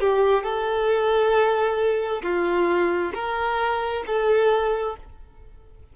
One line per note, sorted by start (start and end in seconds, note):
0.00 0.43 G4
0.43 2.22 A4
2.23 3.12 F4
3.14 4.04 A#4
4.06 4.96 A4